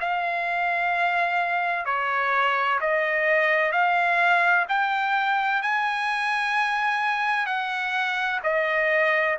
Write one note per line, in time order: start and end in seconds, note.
0.00 1.85 F5
1.85 2.79 C#5
2.80 3.72 D#5
3.72 4.65 F5
4.68 5.62 G5
5.62 7.46 G#5
7.46 8.39 F#5
8.43 9.37 D#5